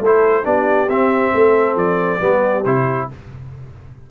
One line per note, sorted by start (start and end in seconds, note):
0.00 0.44 A3
0.00 0.44 E4
0.00 0.45 A4
0.00 0.46 C5
0.44 0.88 B3
0.44 0.88 D4
0.44 1.33 G4
0.44 0.90 D5
0.88 1.33 C4
0.88 2.20 C4
0.88 1.77 E5
1.33 1.76 A3
1.33 2.21 A4
1.76 2.20 F3
1.76 2.65 D5
2.20 2.65 G3
2.20 2.64 B3
2.20 3.10 G4
2.65 3.10 C3
2.65 3.10 E4
2.65 3.09 C5